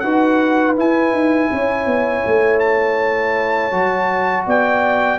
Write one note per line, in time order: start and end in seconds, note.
0.00 0.78 D#4
0.00 0.76 F#4
0.00 1.52 B4
0.00 0.74 F#5
0.76 3.72 E4
0.76 1.12 E4
0.76 2.60 G#5
1.12 1.49 D#4
1.52 1.86 C#4
1.52 4.47 C#5
1.86 2.23 B3
2.27 3.73 A3
2.60 4.45 A5
3.72 4.47 F#3
3.72 5.20 F#4
4.47 5.20 B3
4.47 5.20 D5
4.47 5.20 G5